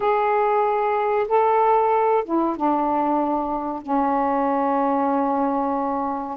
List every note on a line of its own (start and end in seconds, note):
0.00 1.27 G#4
1.28 2.23 A4
2.24 2.56 E4
2.56 3.82 D4
3.82 6.37 C#4